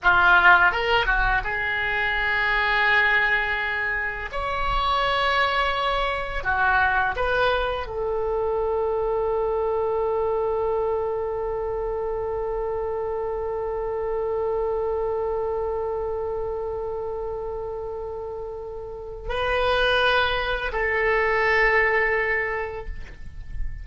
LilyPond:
\new Staff \with { instrumentName = "oboe" } { \time 4/4 \tempo 4 = 84 f'4 ais'8 fis'8 gis'2~ | gis'2 cis''2~ | cis''4 fis'4 b'4 a'4~ | a'1~ |
a'1~ | a'1~ | a'2. b'4~ | b'4 a'2. | }